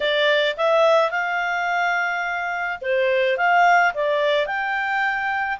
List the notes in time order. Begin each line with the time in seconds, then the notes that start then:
0.00 D5
0.56 E5
1.11 F5
2.81 C5
3.37 F5
3.94 D5
4.46 G5